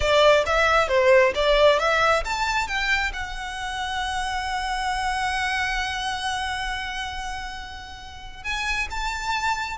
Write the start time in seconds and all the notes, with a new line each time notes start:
0.00 D5
0.45 E5
0.88 C5
1.35 D5
1.79 E5
2.24 A5
2.67 G5
3.13 F#5
8.43 G#5
8.90 A5